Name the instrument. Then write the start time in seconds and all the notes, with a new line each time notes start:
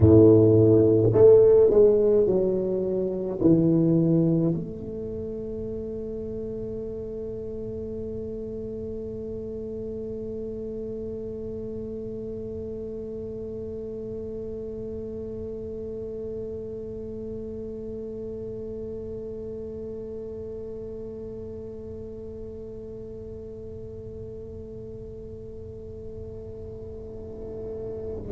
tuba
0.00 A2
1.13 A3
1.70 G#3
2.26 F#3
3.40 E3
4.54 A3